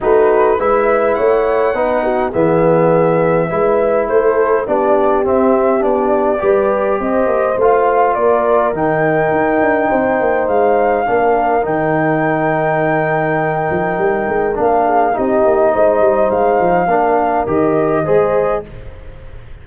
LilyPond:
<<
  \new Staff \with { instrumentName = "flute" } { \time 4/4 \tempo 4 = 103 b'4 e''4 fis''2 | e''2. c''4 | d''4 e''4 d''2 | dis''4 f''4 d''4 g''4~ |
g''2 f''2 | g''1~ | g''4 f''4 dis''2 | f''2 dis''2 | }
  \new Staff \with { instrumentName = "horn" } { \time 4/4 fis'4 b'4 cis''4 b'8 fis'8 | gis'2 b'4 a'4 | g'2. b'4 | c''2 ais'2~ |
ais'4 c''2 ais'4~ | ais'1~ | ais'4. gis'8 g'4 c''4~ | c''4 ais'2 c''4 | }
  \new Staff \with { instrumentName = "trombone" } { \time 4/4 dis'4 e'2 dis'4 | b2 e'2 | d'4 c'4 d'4 g'4~ | g'4 f'2 dis'4~ |
dis'2. d'4 | dis'1~ | dis'4 d'4 dis'2~ | dis'4 d'4 g'4 gis'4 | }
  \new Staff \with { instrumentName = "tuba" } { \time 4/4 a4 gis4 a4 b4 | e2 gis4 a4 | b4 c'4 b4 g4 | c'8 ais8 a4 ais4 dis4 |
dis'8 d'8 c'8 ais8 gis4 ais4 | dis2.~ dis8 f8 | g8 gis8 ais4 c'8 ais8 gis8 g8 | gis8 f8 ais4 dis4 gis4 | }
>>